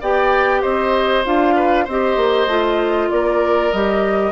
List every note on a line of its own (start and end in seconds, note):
0.00 0.63 B3
0.00 1.24 G4
0.00 0.61 D5
0.00 0.61 G5
0.61 1.25 C4
0.61 1.54 C5
0.61 1.23 D#5
1.24 1.87 D4
1.24 1.86 F4
1.24 1.87 F5
1.55 1.84 B4
1.84 2.16 C4
1.84 2.48 G4
1.84 3.08 C5
1.84 3.10 D#5
2.16 2.47 A#3
2.47 3.09 A3
2.47 3.72 F4
3.10 3.73 A#3
3.10 4.32 A#4
3.10 3.72 D5
3.72 4.32 G3
3.72 4.32 G4
3.72 4.32 D#5